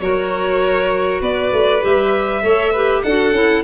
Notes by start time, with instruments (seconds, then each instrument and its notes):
0.00 tuba F#3, clarinet F#4, violin A#4 C#5
1.21 tuba B3, violin B4 D5
1.53 tuba A3
1.81 tuba G3, clarinet G4, violin E5
2.43 tuba A3, clarinet A4, violin C#5
2.72 clarinet G4, violin B4
3.03 tuba D4, clarinet F#4, violin A4 F#5
3.32 tuba C#4, clarinet E4